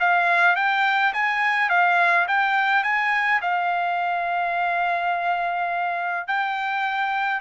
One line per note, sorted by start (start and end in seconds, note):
0.00 0.56 F5
0.56 1.13 G5
1.14 1.70 G#5
1.70 2.27 F5
2.28 2.84 G5
2.84 3.41 G#5
3.42 6.28 F5
6.28 7.41 G5